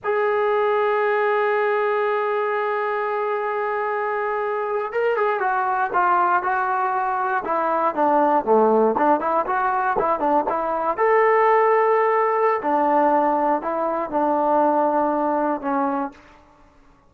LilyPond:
\new Staff \with { instrumentName = "trombone" } { \time 4/4 \tempo 4 = 119 gis'1~ | gis'1~ | gis'4.~ gis'16 ais'8 gis'8 fis'4 f'16~ | f'8. fis'2 e'4 d'16~ |
d'8. a4 d'8 e'8 fis'4 e'16~ | e'16 d'8 e'4 a'2~ a'16~ | a'4 d'2 e'4 | d'2. cis'4 | }